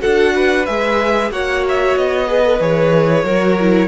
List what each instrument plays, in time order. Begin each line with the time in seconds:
0.00 cello D4, viola F#4, violin A4 F#5
0.35 violin B4
0.66 cello G#3, viola G#4, violin E5
1.31 cello A#3, viola F#4, violin C#5 F#5
1.69 violin E5
1.96 cello B3, violin D#5
2.27 viola G#4, violin B4
2.43 viola A4
2.60 cello E3, viola G#4, violin C#5
3.24 cello F#3, viola F#4, violin A#4
3.60 viola E4